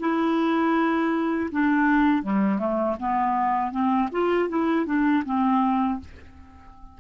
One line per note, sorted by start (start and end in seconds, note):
0.00 1.50 E4
1.52 2.23 D4
2.23 2.59 G3
2.59 2.96 A3
3.00 3.72 B3
3.72 4.09 C4
4.12 4.49 F4
4.49 4.86 E4
4.86 5.24 D4
5.25 6.00 C4